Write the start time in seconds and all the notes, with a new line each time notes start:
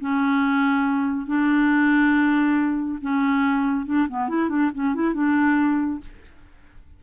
0.00 C#4
1.26 D4
3.01 C#4
3.86 D4
4.08 B3
4.28 E4
4.49 D4
4.74 C#4
4.94 E4
5.14 D4